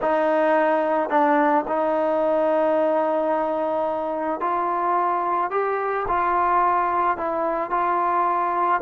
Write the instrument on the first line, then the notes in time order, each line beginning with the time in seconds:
trombone
0.02 D#4
1.09 D4
1.67 D#4
4.40 F4
5.50 G4
6.08 F4
7.17 E4
7.70 F4